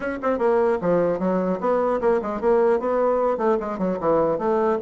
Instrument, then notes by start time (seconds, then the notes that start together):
bassoon
0.00 C#4
0.22 C4
0.38 A#3
0.81 F3
1.19 F#3
1.60 B3
2.00 A#3
2.22 G#3
2.40 A#3
2.79 B3
3.37 A3
3.60 G#3
3.78 F#3
4.00 E3
4.38 A3